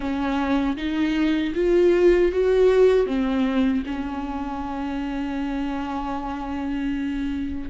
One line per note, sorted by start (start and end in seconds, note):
0.00 0.76 C#4
0.77 1.53 D#4
1.55 2.31 F4
2.31 3.06 F#4
3.06 3.83 C4
3.85 7.69 C#4